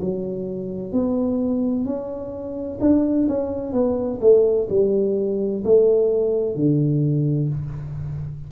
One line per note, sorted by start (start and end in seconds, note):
0.00 0.92 F#3
0.92 1.85 B3
1.85 2.78 C#4
2.80 3.27 D4
3.28 3.72 C#4
3.72 4.19 B3
4.21 4.67 A3
4.69 5.63 G3
5.64 6.55 A3
6.55 7.49 D3